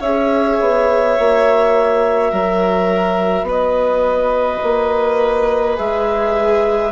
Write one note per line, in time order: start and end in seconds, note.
0.00 0.59 C#4
0.00 1.15 G#4
0.00 2.30 C#5
0.00 3.46 E5
0.60 1.18 B3
1.15 2.32 A#3
1.15 5.76 F#4
2.30 3.42 F#3
2.30 3.46 A#4
3.42 4.57 B3
3.42 6.92 B4
3.50 5.77 D#5
4.63 5.78 A#3
5.76 6.92 G#3
5.76 6.91 G#4
5.76 6.92 E5